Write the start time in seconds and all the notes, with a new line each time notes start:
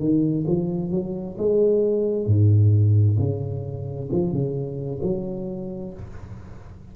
0.00 D#3
0.47 F3
0.91 F#3
1.38 G#3
2.26 G#2
3.19 C#3
4.12 F3
4.33 C#3
5.02 F#3